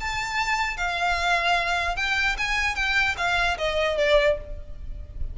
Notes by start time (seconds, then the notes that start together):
0.00 A5
0.77 F5
1.96 G5
2.38 G#5
2.75 G5
3.17 F5
3.58 D#5
3.97 D5